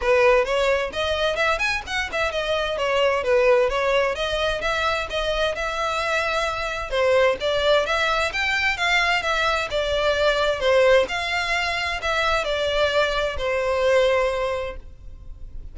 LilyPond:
\new Staff \with { instrumentName = "violin" } { \time 4/4 \tempo 4 = 130 b'4 cis''4 dis''4 e''8 gis''8 | fis''8 e''8 dis''4 cis''4 b'4 | cis''4 dis''4 e''4 dis''4 | e''2. c''4 |
d''4 e''4 g''4 f''4 | e''4 d''2 c''4 | f''2 e''4 d''4~ | d''4 c''2. | }